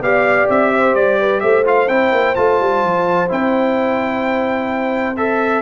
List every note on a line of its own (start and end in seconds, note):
0.00 0.47 B3
0.00 1.64 G4
0.00 0.73 D5
0.00 0.49 F5
0.49 0.95 C4
0.49 0.95 E5
0.73 1.20 C5
0.95 1.41 G3
0.95 1.40 D5
1.20 1.43 B4
1.40 1.88 A3
1.40 5.62 C5
1.40 1.63 E5
1.64 1.88 F4
1.64 1.88 F5
1.88 2.12 C4
1.88 2.36 E4
1.88 2.35 G5
2.12 2.35 A#3
2.35 2.60 A3
2.35 3.28 F4
2.35 3.29 A5
2.60 2.83 G3
2.83 3.30 F3
3.28 5.62 C4
3.28 5.16 E4
3.28 5.16 G5
5.16 5.62 A4
5.16 5.62 E5